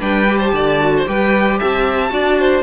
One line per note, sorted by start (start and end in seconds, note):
0.00 0.53 G3
0.00 0.27 D4
0.00 0.39 B4
0.00 0.39 G5
0.29 0.81 G4
0.39 0.52 C5
0.39 1.04 A5
0.53 1.05 D3
0.53 0.95 D5
0.81 1.06 F#4
0.98 1.09 C5
1.06 1.61 G3
1.06 2.10 G4
1.06 1.59 B4
1.06 1.59 G5
1.59 2.12 C4
1.59 2.12 E5
1.59 2.63 A5
2.10 2.63 D4
2.10 2.63 F#4
2.10 2.40 D5
2.40 2.63 C5